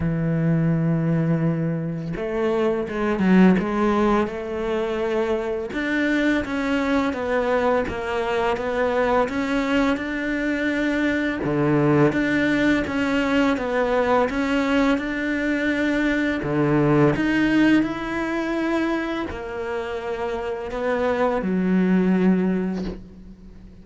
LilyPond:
\new Staff \with { instrumentName = "cello" } { \time 4/4 \tempo 4 = 84 e2. a4 | gis8 fis8 gis4 a2 | d'4 cis'4 b4 ais4 | b4 cis'4 d'2 |
d4 d'4 cis'4 b4 | cis'4 d'2 d4 | dis'4 e'2 ais4~ | ais4 b4 fis2 | }